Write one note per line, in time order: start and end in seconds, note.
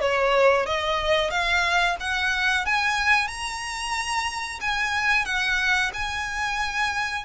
0.00 0.66 C#5
0.66 1.30 D#5
1.30 1.96 F5
2.00 2.65 F#5
2.65 3.28 G#5
3.28 4.59 A#5
4.60 5.25 G#5
5.25 5.91 F#5
5.93 7.25 G#5